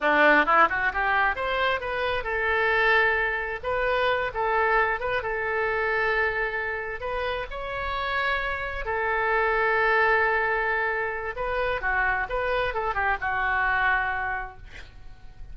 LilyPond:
\new Staff \with { instrumentName = "oboe" } { \time 4/4 \tempo 4 = 132 d'4 e'8 fis'8 g'4 c''4 | b'4 a'2. | b'4. a'4. b'8 a'8~ | a'2.~ a'8 b'8~ |
b'8 cis''2. a'8~ | a'1~ | a'4 b'4 fis'4 b'4 | a'8 g'8 fis'2. | }